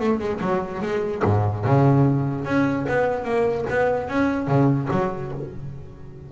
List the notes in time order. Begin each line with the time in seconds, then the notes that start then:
0.00 A3
0.19 G#3
0.41 F#3
0.82 G#3
1.24 G#2
1.65 C#3
2.45 C#4
2.89 B3
3.24 A#3
3.70 B3
4.09 C#4
4.48 C#3
4.91 F#3